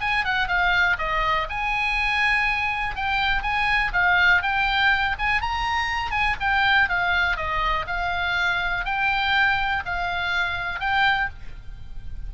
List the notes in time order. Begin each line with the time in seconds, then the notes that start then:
0.00 G#5
0.24 F#5
0.48 F5
0.98 D#5
1.49 G#5
2.95 G5
3.42 G#5
3.93 F5
4.42 G5
5.18 G#5
5.41 A#5
6.11 G#5
6.40 G5
6.89 F5
7.37 D#5
7.87 F5
8.85 G5
9.86 F5
10.80 G5